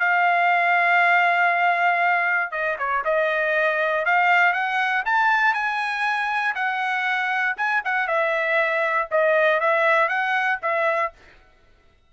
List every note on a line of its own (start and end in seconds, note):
0.00 2.52 F5
2.52 2.77 D#5
2.79 3.04 C#5
3.05 4.06 D#5
4.06 4.54 F5
4.54 5.04 F#5
5.06 5.54 A5
5.54 6.55 G#5
6.55 7.56 F#5
7.58 7.83 G#5
7.85 8.08 F#5
8.08 9.09 E5
9.11 9.61 D#5
9.61 10.09 E5
10.09 10.60 F#5
10.63 11.13 E5